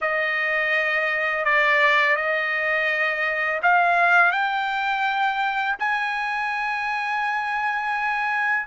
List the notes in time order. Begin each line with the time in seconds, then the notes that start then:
0.01 D#5
1.45 D5
2.16 D#5
3.62 F5
4.31 G5
5.79 G#5